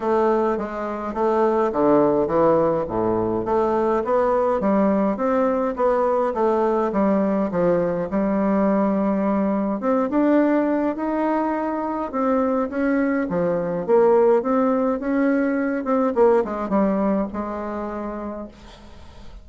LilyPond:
\new Staff \with { instrumentName = "bassoon" } { \time 4/4 \tempo 4 = 104 a4 gis4 a4 d4 | e4 a,4 a4 b4 | g4 c'4 b4 a4 | g4 f4 g2~ |
g4 c'8 d'4. dis'4~ | dis'4 c'4 cis'4 f4 | ais4 c'4 cis'4. c'8 | ais8 gis8 g4 gis2 | }